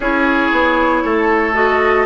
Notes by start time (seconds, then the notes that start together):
0.00 C#4 E4 G#4 C#5
0.51 B3
1.04 A3 A4
1.53 F#4 D#5